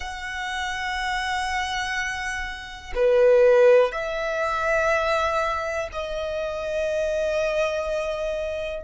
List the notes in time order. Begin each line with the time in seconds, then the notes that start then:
0.00 F#5
2.95 B4
3.92 E5
5.92 D#5